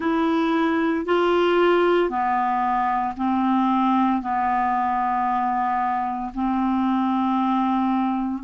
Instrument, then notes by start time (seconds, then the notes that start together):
clarinet
0.00 E4
1.05 F4
2.09 B3
3.16 C4
4.22 B3
6.34 C4